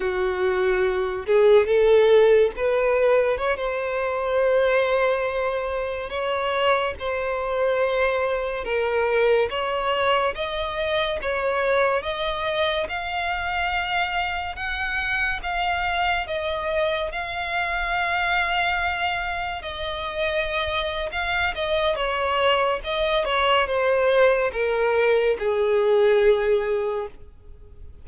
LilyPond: \new Staff \with { instrumentName = "violin" } { \time 4/4 \tempo 4 = 71 fis'4. gis'8 a'4 b'4 | cis''16 c''2. cis''8.~ | cis''16 c''2 ais'4 cis''8.~ | cis''16 dis''4 cis''4 dis''4 f''8.~ |
f''4~ f''16 fis''4 f''4 dis''8.~ | dis''16 f''2. dis''8.~ | dis''4 f''8 dis''8 cis''4 dis''8 cis''8 | c''4 ais'4 gis'2 | }